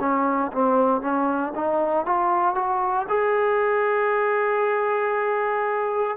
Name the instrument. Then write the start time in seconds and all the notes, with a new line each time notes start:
trombone
0.00 C#4
0.53 C4
1.01 C#4
1.55 D#4
2.05 F4
2.55 F#4
3.09 G#4